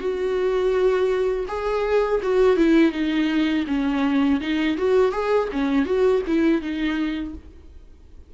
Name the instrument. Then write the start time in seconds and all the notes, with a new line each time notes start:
viola
0.00 F#4
1.48 G#4
2.23 F#4
2.57 E4
2.92 D#4
3.67 C#4
4.41 D#4
4.78 F#4
5.12 G#4
5.52 C#4
5.85 F#4
6.27 E4
6.62 D#4